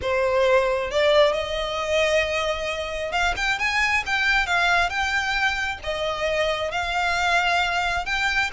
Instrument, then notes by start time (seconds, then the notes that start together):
violin
0.01 C5
0.90 D5
1.33 D#5
3.12 F5
3.36 G5
3.58 G#5
4.05 G5
4.46 F5
4.89 G5
5.83 D#5
6.71 F5
8.05 G5